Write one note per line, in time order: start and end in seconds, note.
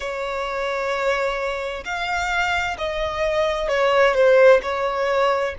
0.00 1.84 C#5
1.84 2.77 F5
2.78 3.68 D#5
3.68 4.14 C#5
4.14 4.60 C5
4.62 5.54 C#5